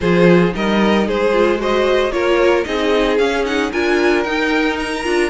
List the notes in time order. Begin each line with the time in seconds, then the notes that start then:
0.00 F3 F4 G#4 C5
0.51 G3 D#4 A#4 D#5
1.07 G#3 G#4 C5
1.32 F4
1.58 F#4 C5 D#5
2.11 A#3 F4 A#4 C#5
2.64 C4 D#4 G#4 D#5
3.18 C#4 F5
3.44 D#4 F#5
3.71 D4 F4 A#4 G#5
4.23 D#4 G5
4.79 A#5
5.03 D4 F4